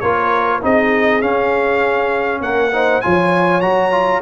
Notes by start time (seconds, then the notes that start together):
0.00 A#3 F4 A#4 C#5
0.61 C4 D#4 G#4 D#5
1.22 C#4 F5
2.41 A#3 A#4 F#5
2.72 D#4 C5
3.01 F3 F4 C#5 G#5
3.61 F#3 F#4 A#5
3.91 F4